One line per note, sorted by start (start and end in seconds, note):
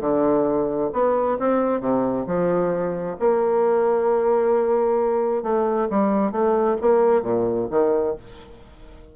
0.00 0.90 D3
0.92 1.38 B3
1.39 1.80 C4
1.80 2.25 C3
2.26 3.17 F3
3.19 5.43 A#3
5.43 5.88 A3
5.90 6.31 G3
6.31 6.76 A3
6.81 7.22 A#3
7.22 7.67 A#2
7.70 8.15 D#3